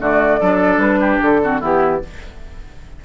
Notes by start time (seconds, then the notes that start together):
0.00 D3 A3 F#4 D5
0.40 F#3 D4 A4
0.78 G3 B4
1.00 G4
1.22 D3 A4
1.43 C4 F#4
1.60 E3 B3 E4 G4